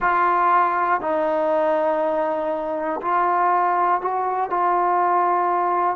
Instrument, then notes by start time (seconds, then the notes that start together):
trombone
0.00 F4
1.00 D#4
3.01 F4
4.01 F#4
4.50 F4